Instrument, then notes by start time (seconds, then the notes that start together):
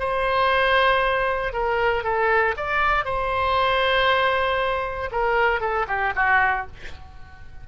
oboe
0.00 C5
1.53 A#4
2.04 A4
2.57 D5
3.05 C5
5.12 A#4
5.61 A4
5.88 G4
6.16 F#4